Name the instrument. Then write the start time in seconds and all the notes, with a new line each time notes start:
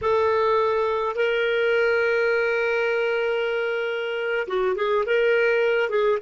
clarinet
0.01 A4
1.15 A#4
4.47 F#4
4.76 G#4
5.06 A#4
5.89 G#4